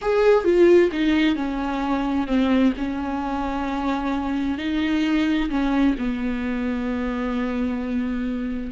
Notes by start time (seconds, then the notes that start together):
0.01 G#4
0.44 F4
0.92 D#4
1.35 C#4
2.27 C4
2.77 C#4
4.57 D#4
5.49 C#4
5.98 B3